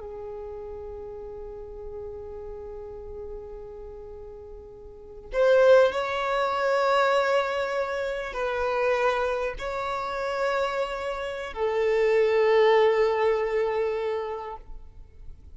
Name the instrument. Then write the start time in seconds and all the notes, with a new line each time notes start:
violin
0.00 G#4
5.33 C5
5.92 C#5
8.33 B4
9.58 C#5
11.53 A4